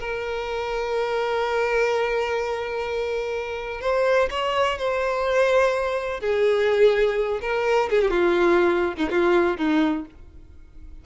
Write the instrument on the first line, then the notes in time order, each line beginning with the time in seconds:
violin
0.00 A#4
3.81 C5
4.30 C#5
4.78 C5
6.21 G#4
7.42 A#4
7.91 G#4
8.02 G4
8.11 F4
8.97 D#4
9.10 F4
9.58 D#4